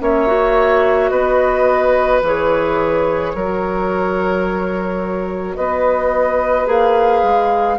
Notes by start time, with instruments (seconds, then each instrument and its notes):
0.00 bassoon A#3, clarinet C#4, oboe C#5, flute E5
0.28 clarinet F#4
1.09 bassoon B3, oboe B4, flute D#5
2.23 bassoon E3, clarinet G#4, flute C#5
3.35 bassoon F#3, clarinet F#4, oboe A#4
5.56 bassoon B3, oboe B4, flute D#5
6.67 bassoon A#3, clarinet G#4, flute F5
7.24 bassoon G#3